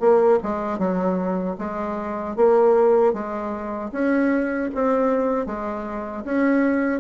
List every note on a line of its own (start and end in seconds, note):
0.00 0.39 A#3
0.43 0.79 G#3
0.79 1.57 F#3
1.58 2.36 G#3
2.36 3.13 A#3
3.13 3.91 G#3
3.92 4.70 C#4
4.74 5.46 C4
5.46 6.24 G#3
6.24 7.00 C#4